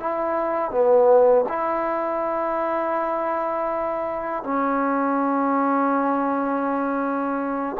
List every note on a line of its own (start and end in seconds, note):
0.00 0.71 E4
0.71 1.45 B3
1.49 4.43 E4
4.43 7.77 C#4